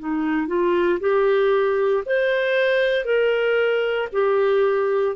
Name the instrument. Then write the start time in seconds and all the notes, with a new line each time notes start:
clarinet
0.00 D#4
0.48 F4
1.01 G4
2.06 C5
3.06 A#4
4.13 G4